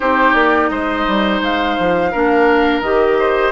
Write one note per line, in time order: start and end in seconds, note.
0.00 0.34 C4
0.00 2.11 D#4
0.00 0.70 G4
0.00 0.34 C5
0.34 0.69 A#3
0.34 0.69 D5
0.69 1.05 G#3
0.69 2.11 C5
0.69 1.39 D#5
1.07 1.41 G3
1.41 1.77 G#3
1.41 2.81 F5
1.78 2.14 F3
2.11 2.81 A#3
2.11 2.83 D4
2.11 3.17 A#4
2.81 3.51 D#3
2.81 3.52 G4
2.81 3.52 D#5
3.19 3.52 C5